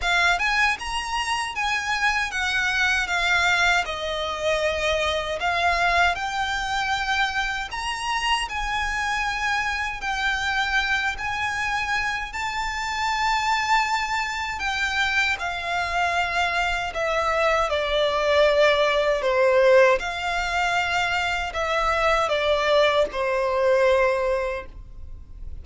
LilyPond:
\new Staff \with { instrumentName = "violin" } { \time 4/4 \tempo 4 = 78 f''8 gis''8 ais''4 gis''4 fis''4 | f''4 dis''2 f''4 | g''2 ais''4 gis''4~ | gis''4 g''4. gis''4. |
a''2. g''4 | f''2 e''4 d''4~ | d''4 c''4 f''2 | e''4 d''4 c''2 | }